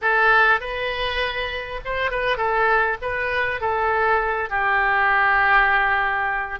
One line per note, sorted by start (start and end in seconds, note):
0.01 0.60 A4
0.60 1.80 B4
1.84 2.10 C5
2.10 2.37 B4
2.37 2.97 A4
3.01 3.60 B4
3.60 4.49 A4
4.49 6.59 G4